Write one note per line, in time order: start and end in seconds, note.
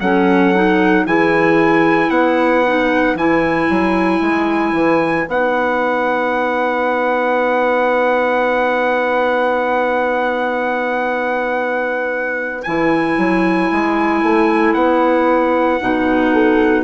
0.00 1.05 F#3
0.00 0.55 C#4
0.00 1.07 A4
0.00 1.06 F#5
0.55 1.07 D#4
1.05 2.09 E3
1.05 2.64 E4
1.05 2.11 G#4
1.05 2.10 G#5
2.09 3.15 B3
2.09 16.32 B4
2.09 3.16 F#5
2.66 3.18 D#4
3.15 3.67 E3
3.15 5.27 E4
3.15 5.28 G#5
3.70 4.21 F#3
4.21 4.73 G#3
4.73 5.25 E3
5.27 12.64 B3
5.27 12.64 D#4
5.27 12.63 F#5
12.63 13.18 E3
12.63 15.81 E4
12.63 14.74 G#5
13.18 13.70 F#3
13.71 14.23 G#3
14.23 14.74 A3
14.74 15.80 B3
14.74 16.84 F#5
15.81 16.84 B2
15.81 16.84 D#4
16.33 16.84 A4